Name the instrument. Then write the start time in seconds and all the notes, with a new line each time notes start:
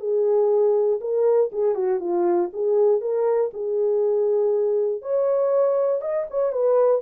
horn
0.00 G#4
1.01 A#4
1.52 G#4
1.75 F#4
2.00 F4
2.53 G#4
3.01 A#4
3.54 G#4
5.02 C#5
6.02 D#5
6.30 C#5
6.52 B4